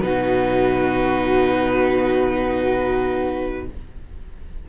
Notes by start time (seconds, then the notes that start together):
0.00 B2 D#4 F#4 B4